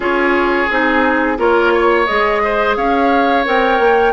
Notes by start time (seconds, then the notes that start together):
0.00 C#4 F4 G#4 C#5
0.69 C4 D#4 G#4
1.37 A#3 F4 A#4 C#5
1.73 C#5
2.06 G#3 G#4 D#5
2.44 C5
2.76 C#4 C#5 F5
3.45 C4 A#4 G5
3.79 A#3